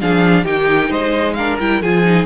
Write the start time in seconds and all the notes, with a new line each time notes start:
0.00 F3 D4 G#4 F5
0.44 D#3 D#4 G4 G5
0.88 G#3 C5 D#5
1.34 D4 A#4 F5
1.59 G3 E4 G5
1.81 F3 F4 G#4 G#5
2.04 D#4